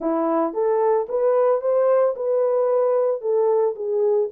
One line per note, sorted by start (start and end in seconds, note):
0.00 0.53 E4
0.53 1.07 A4
1.08 1.61 B4
1.61 2.14 C5
2.16 3.21 B4
3.21 3.75 A4
3.75 4.29 G#4